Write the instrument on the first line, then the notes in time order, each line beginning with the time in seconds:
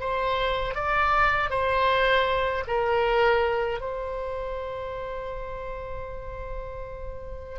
oboe
0.00 C5
0.75 D5
1.50 C5
2.67 A#4
3.80 C5